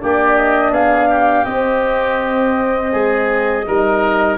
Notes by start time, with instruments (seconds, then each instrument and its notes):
0.00 tuba A#3, horn D4, oboe G4, flute D5
0.37 flute D#5
0.72 tuba B3, oboe G#4, flute F5
1.09 oboe G4
1.44 horn C4, tuba C4, flute D#5
2.92 tuba G#3, oboe G#4
3.67 tuba G3, horn D#4, oboe A#4